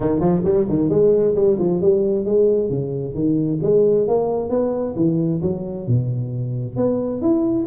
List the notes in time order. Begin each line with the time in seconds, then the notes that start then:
0.00 D#3
0.19 F3
0.44 G3
0.68 D#3
0.89 G#3
1.35 G3
1.58 F3
1.81 G3
2.25 G#3
2.69 C#3
3.14 D#3
3.62 G#3
4.07 A#3
4.49 B3
4.96 E3
5.42 F#3
5.87 B2
6.76 B3
7.21 E4